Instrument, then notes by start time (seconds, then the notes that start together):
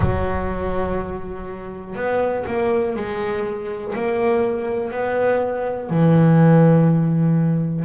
double bass
0.00 F#3
1.95 B3
2.46 A#3
2.95 G#3
3.95 A#3
4.91 B3
5.89 E3